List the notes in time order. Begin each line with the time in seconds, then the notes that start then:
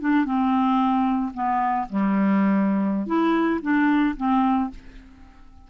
0.00 D4
0.25 C4
1.34 B3
1.89 G3
3.06 E4
3.61 D4
4.16 C4